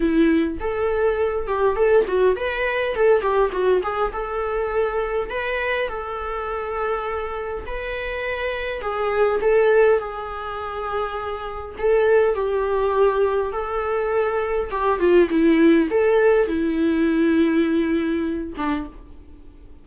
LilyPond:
\new Staff \with { instrumentName = "viola" } { \time 4/4 \tempo 4 = 102 e'4 a'4. g'8 a'8 fis'8 | b'4 a'8 g'8 fis'8 gis'8 a'4~ | a'4 b'4 a'2~ | a'4 b'2 gis'4 |
a'4 gis'2. | a'4 g'2 a'4~ | a'4 g'8 f'8 e'4 a'4 | e'2.~ e'8 d'8 | }